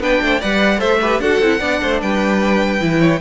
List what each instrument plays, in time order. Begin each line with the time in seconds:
0.00 cello B3, viola D4, violin B4 G5
0.22 cello A3, violin C5
0.40 cello G3, viola B4, violin D5 F#5
0.78 cello A3, viola A4, violin C5 E5
1.01 viola G4, violin B4
1.20 cello D4, viola F#4, violin A4 F#5
1.40 cello C4, viola E4
1.60 cello B3, viola D4, violin D5
1.82 cello A3, violin C5
2.01 cello G3, violin B4 G5
2.81 cello E3, viola E4
3.00 violin C#5